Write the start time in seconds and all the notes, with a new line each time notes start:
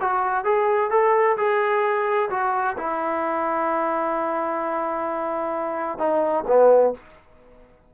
0.00 F#4
0.44 G#4
0.90 A4
1.37 G#4
2.30 F#4
2.77 E4
5.98 D#4
6.47 B3